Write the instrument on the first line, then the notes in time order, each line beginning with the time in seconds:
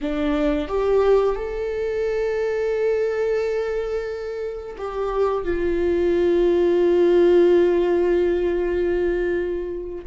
viola
0.01 D4
0.68 G4
1.35 A4
4.77 G4
5.44 F4